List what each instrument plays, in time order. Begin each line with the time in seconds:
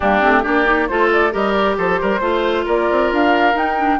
0.00 bassoon G3, clarinet A#3, oboe D4, flute G4
0.20 bassoon A3, clarinet C4
0.43 bassoon A#3, clarinet D4, oboe G4, flute D5
0.65 clarinet D#4
0.88 bassoon A3, clarinet F4, oboe A4, flute C5
1.12 flute D5
1.31 bassoon G3, clarinet G4, oboe A#4, flute D#5
1.52 flute D5
1.77 bassoon F3, oboe A4, flute C5
2.01 bassoon G3, oboe A#4
2.20 bassoon A3, clarinet F4, oboe C5
2.65 bassoon A#3, oboe A#4, flute D5
2.90 bassoon C4
3.11 bassoon D4, flute F5
3.54 clarinet D#4, bassoon D#4, flute G5
3.77 clarinet D4